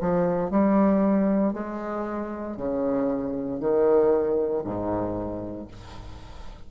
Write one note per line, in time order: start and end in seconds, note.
0.00 0.50 F3
0.50 1.53 G3
1.53 2.56 G#3
2.57 3.60 C#3
3.60 4.63 D#3
4.64 5.67 G#2